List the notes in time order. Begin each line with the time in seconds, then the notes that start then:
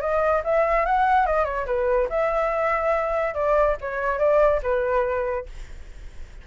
0.00 D#5
0.44 E5
0.85 F#5
1.26 D#5
1.44 C#5
1.66 B4
2.09 E5
3.34 D5
3.81 C#5
4.18 D5
4.62 B4